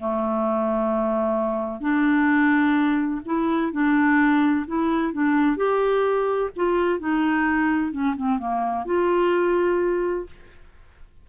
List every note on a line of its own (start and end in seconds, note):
0.00 1.81 A3
1.81 3.21 D4
3.26 3.72 E4
3.72 4.66 D4
4.67 5.13 E4
5.13 5.57 D4
5.57 6.50 G4
6.56 7.00 F4
7.00 7.92 D#4
7.92 8.15 C#4
8.17 8.39 C4
8.39 8.86 A#3
8.86 10.26 F4